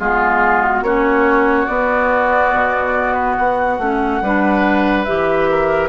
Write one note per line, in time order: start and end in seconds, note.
0.00 0.82 G#3
0.00 0.85 B3
0.00 0.85 F4
0.00 0.64 G#4
0.64 0.84 F#4
0.82 1.67 A#3
0.82 1.68 C#4
0.82 4.23 F#4
0.82 1.66 C#5
1.66 3.79 B3
1.66 2.53 B3
1.66 3.14 D5
2.53 3.37 B2
3.14 3.35 B4
3.37 3.79 B3
3.37 5.05 F#5
3.79 4.21 A3
3.79 4.22 C#4
4.22 5.07 G3
4.22 5.07 D4
4.22 5.50 B4
5.05 5.90 E3
5.05 5.90 G4
5.05 5.90 E5
5.51 5.90 A#4